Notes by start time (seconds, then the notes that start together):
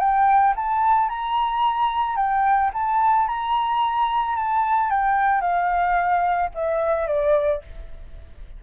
0.00 G5
0.57 A5
1.09 A#5
2.17 G5
2.74 A5
3.29 A#5
4.36 A5
4.91 G5
5.41 F5
6.55 E5
7.08 D5